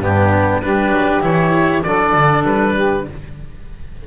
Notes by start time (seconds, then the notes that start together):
0.00 G2 B3 D4 G4
0.62 G3 D4 G4 B4
0.91 F#3
1.22 E3 E4 C#5
1.83 F#3 D4 A4 D5
2.14 D3
2.44 G3 B4
2.75 G4